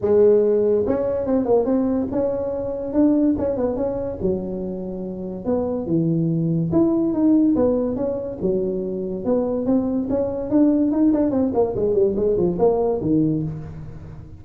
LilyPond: \new Staff \with { instrumentName = "tuba" } { \time 4/4 \tempo 4 = 143 gis2 cis'4 c'8 ais8 | c'4 cis'2 d'4 | cis'8 b8 cis'4 fis2~ | fis4 b4 e2 |
e'4 dis'4 b4 cis'4 | fis2 b4 c'4 | cis'4 d'4 dis'8 d'8 c'8 ais8 | gis8 g8 gis8 f8 ais4 dis4 | }